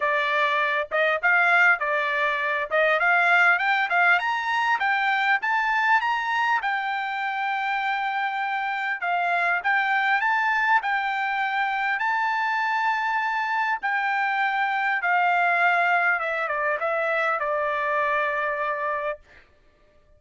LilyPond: \new Staff \with { instrumentName = "trumpet" } { \time 4/4 \tempo 4 = 100 d''4. dis''8 f''4 d''4~ | d''8 dis''8 f''4 g''8 f''8 ais''4 | g''4 a''4 ais''4 g''4~ | g''2. f''4 |
g''4 a''4 g''2 | a''2. g''4~ | g''4 f''2 e''8 d''8 | e''4 d''2. | }